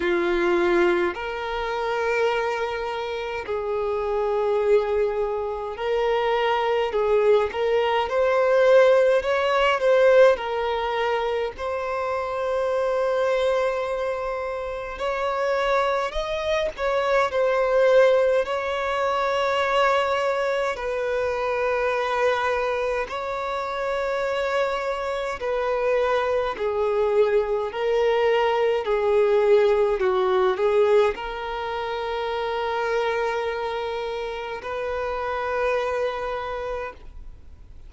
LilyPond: \new Staff \with { instrumentName = "violin" } { \time 4/4 \tempo 4 = 52 f'4 ais'2 gis'4~ | gis'4 ais'4 gis'8 ais'8 c''4 | cis''8 c''8 ais'4 c''2~ | c''4 cis''4 dis''8 cis''8 c''4 |
cis''2 b'2 | cis''2 b'4 gis'4 | ais'4 gis'4 fis'8 gis'8 ais'4~ | ais'2 b'2 | }